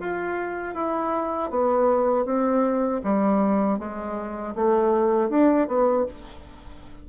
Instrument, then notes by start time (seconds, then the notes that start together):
bassoon
0.00 F4
0.75 E4
1.51 B3
2.26 C4
3.04 G3
3.79 G#3
4.55 A3
5.30 D4
5.68 B3